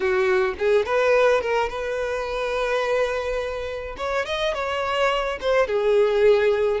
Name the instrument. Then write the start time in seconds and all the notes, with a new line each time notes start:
violin
0.00 F#4
0.58 G#4
0.85 B4
1.41 A#4
1.69 B4
3.97 C#5
4.25 D#5
4.53 C#5
5.41 C5
5.67 G#4